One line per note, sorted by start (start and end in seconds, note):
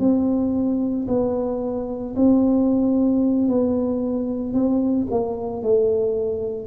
0.00 1.07 C4
1.08 2.15 B3
2.16 3.48 C4
3.48 4.53 B3
4.53 5.07 C4
5.11 5.63 A#3
5.63 6.67 A3